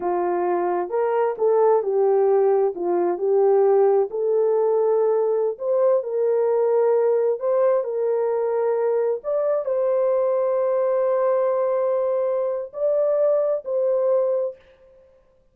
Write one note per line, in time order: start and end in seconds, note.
0.00 0.89 F4
0.89 1.35 A#4
1.37 1.82 A4
1.82 2.73 G4
2.75 3.18 F4
3.18 4.08 G4
4.10 5.58 A4
5.58 6.03 C5
6.03 7.39 A#4
7.39 7.83 C5
7.83 9.20 A#4
9.23 9.65 D5
9.65 12.71 C5
12.73 13.64 D5
13.64 14.55 C5